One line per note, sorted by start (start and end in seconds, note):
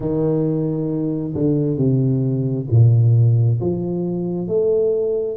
0.00 1.33 D#3
1.34 1.77 D3
1.77 2.66 C3
2.70 3.60 A#2
3.60 4.47 F3
4.47 5.37 A3